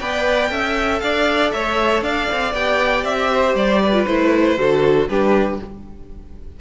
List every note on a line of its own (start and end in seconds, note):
0.00 0.51 B3
0.00 0.50 B4
0.00 0.51 D5
0.00 1.00 G5
0.50 1.02 C#4
0.50 2.53 A4
0.50 1.02 E5
1.00 1.54 D4
1.00 1.55 D5
1.00 1.51 F5
1.52 2.02 A3
1.52 2.04 C#5
1.52 2.03 E5
2.02 2.27 D4
2.02 3.31 D5
2.02 2.54 F5
2.32 2.54 C4
2.54 3.05 B3
2.54 3.94 G4
2.54 3.05 G5
3.05 3.55 C4
3.05 3.56 E5
3.32 3.83 C5
3.55 4.06 G3
3.55 4.07 D5
3.83 4.59 B4
3.94 4.06 F4
4.07 4.58 A3
4.07 4.58 E4
4.07 5.08 C5
4.58 5.09 D3
4.58 5.09 F#4
4.58 5.10 A4
5.09 5.60 G3
5.09 5.61 D4
5.09 5.61 G4
5.09 5.60 B4